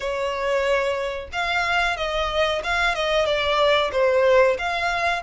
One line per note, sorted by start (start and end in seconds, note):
0.00 1.28 C#5
1.32 1.97 F5
1.97 2.62 D#5
2.63 2.94 F5
2.94 3.25 D#5
3.25 3.90 D5
3.92 4.57 C5
4.58 5.22 F5